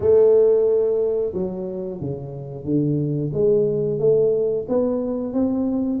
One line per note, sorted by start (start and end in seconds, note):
0.00 1.32 A3
1.33 2.00 F#3
2.00 2.64 C#3
2.64 3.31 D3
3.33 3.99 G#3
3.99 4.65 A3
4.68 5.33 B3
5.33 6.00 C4